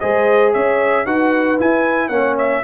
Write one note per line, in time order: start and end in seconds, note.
0.00 0.55 G#3
0.00 1.06 G#4
0.00 0.52 C5
0.00 0.53 D#5
0.52 1.06 C#4
0.52 1.05 C#5
0.52 1.06 E5
1.05 1.58 D#4
1.05 1.58 F#4
1.05 2.08 B4
1.05 1.59 F#5
1.58 2.11 E4
1.58 2.09 E4
1.58 2.08 G#5
2.08 2.62 A#3
2.08 2.63 C#4
2.08 2.61 C#5
2.08 2.35 F#5
2.38 2.64 E5